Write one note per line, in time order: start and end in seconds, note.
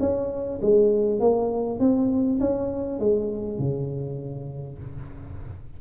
0.00 0.60 C#4
0.62 1.20 G#3
1.20 1.80 A#3
1.80 2.40 C4
2.40 3.00 C#4
3.00 3.59 G#3
3.59 4.79 C#3